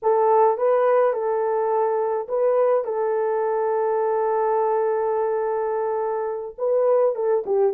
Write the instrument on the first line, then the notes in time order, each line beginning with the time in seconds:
horn
0.02 A4
0.57 B4
1.13 A4
2.28 B4
2.84 A4
6.57 B4
7.15 A4
7.46 G4